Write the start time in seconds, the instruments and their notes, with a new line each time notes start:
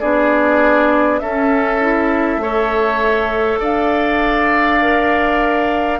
0.00 bassoon B3, clarinet D4, oboe G#4, flute D5
1.19 bassoon C#4, clarinet C#4, oboe A4, flute E5
1.82 clarinet E4
2.37 bassoon A3, clarinet A4, oboe C#5
3.60 bassoon D4, oboe D5, flute F5
4.82 clarinet A#4